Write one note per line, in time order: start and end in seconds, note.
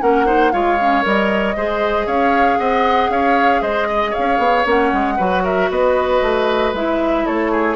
0.00 0.53 A#3
0.00 0.25 C#4
0.00 0.26 A#4
0.00 0.52 F#5
0.25 0.51 D#4
0.25 0.52 C5
0.52 1.04 G#3
0.52 0.77 F4
0.52 1.56 C#5
0.52 1.03 F5
0.80 1.02 C#4
1.02 1.56 G3
1.02 1.54 A#4
1.02 2.07 D#5
1.56 2.06 G#3
1.56 4.65 G#4
1.56 2.06 C5
2.06 2.58 C#4
2.06 2.58 C#5
2.06 2.58 F5
2.58 3.09 C4
2.58 3.10 D#5
2.58 3.10 F#5
3.09 3.61 C#4
3.09 3.61 C#5
3.09 3.62 F5
3.61 4.13 G#3
3.61 3.87 C5
3.61 4.13 D#5
3.88 4.10 D#5
4.10 5.13 C#5
4.10 4.65 F5
4.18 4.38 C#4
4.38 4.64 B3
4.65 4.91 A#3
4.65 5.17 C#4
4.65 5.45 F#5
4.93 5.19 G#3
5.16 5.70 F#3
5.16 6.73 F#4
5.16 5.42 B4
5.43 5.69 A#4
5.43 5.70 E5
5.70 6.21 B3
5.70 7.25 B4
5.70 6.74 D#5
6.22 6.73 A3
6.73 7.24 G#3
6.73 7.76 E4
6.73 7.26 E5
7.25 7.76 A3
7.25 7.51 A4
7.25 7.76 C#5
7.51 7.76 G#4